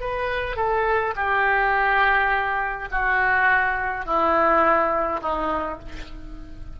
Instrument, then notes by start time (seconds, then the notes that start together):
oboe
0.00 B4
0.56 A4
1.15 G4
2.91 F#4
4.05 E4
5.21 D#4